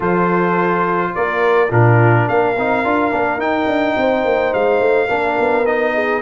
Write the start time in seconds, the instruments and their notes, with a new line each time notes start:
0.00 tuba F3, trombone F4, horn A4, trumpet C5
1.14 tuba A#3, horn A#4, trumpet D5
1.70 tuba A#2, trombone D4, horn F4, trumpet A#4
2.27 tuba A#3, horn A#4, trumpet F5
2.56 tuba C4, trombone D#4
2.84 tuba D4, trombone F4
3.11 tuba A#3, trombone D4
3.37 tuba D#4, trombone D#4, trumpet G5
3.66 tuba D4
3.96 tuba C4, horn C5
4.24 tuba A#3
4.53 tuba G#3, trumpet F5
4.79 tuba A3
5.07 tuba A#3, trombone D4, horn A#4
5.38 tuba B3
5.65 trombone D#4, trumpet D#5
5.94 horn G#4